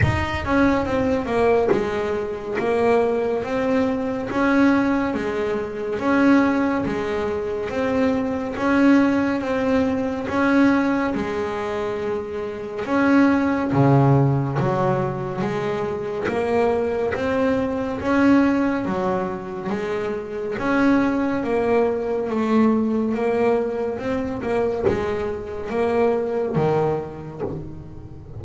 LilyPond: \new Staff \with { instrumentName = "double bass" } { \time 4/4 \tempo 4 = 70 dis'8 cis'8 c'8 ais8 gis4 ais4 | c'4 cis'4 gis4 cis'4 | gis4 c'4 cis'4 c'4 | cis'4 gis2 cis'4 |
cis4 fis4 gis4 ais4 | c'4 cis'4 fis4 gis4 | cis'4 ais4 a4 ais4 | c'8 ais8 gis4 ais4 dis4 | }